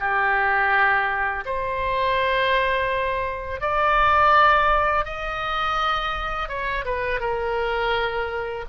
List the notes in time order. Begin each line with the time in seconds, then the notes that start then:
0.00 G4
1.46 C5
3.61 D5
5.05 D#5
6.49 C#5
6.85 B4
7.21 A#4